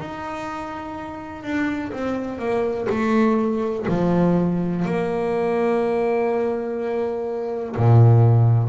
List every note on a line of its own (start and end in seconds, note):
0.00 1.43 D#4
1.43 1.91 D4
1.93 2.39 C4
2.39 2.87 A#3
2.89 3.86 A3
3.88 4.85 F3
4.85 7.76 A#3
7.76 8.69 A#2